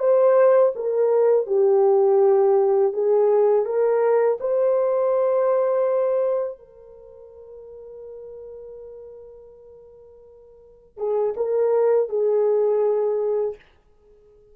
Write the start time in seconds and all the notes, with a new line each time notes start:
0.00 C5
0.76 A#4
1.47 G4
2.93 G#4
3.66 A#4
4.41 C5
6.59 A#4
10.98 G#4
11.37 A#4
12.10 G#4